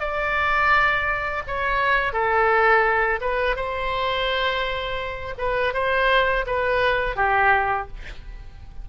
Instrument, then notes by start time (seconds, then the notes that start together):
oboe
0.00 D5
1.47 C#5
2.13 A4
3.21 B4
3.56 C5
5.38 B4
5.74 C5
6.47 B4
7.16 G4